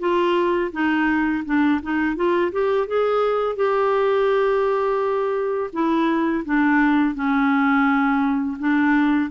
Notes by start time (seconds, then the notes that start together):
0.00 F4
0.73 D#4
1.45 D4
1.82 D#4
2.16 F4
2.52 G4
2.87 G#4
3.56 G4
5.73 E4
6.45 D4
7.15 C#4
8.59 D4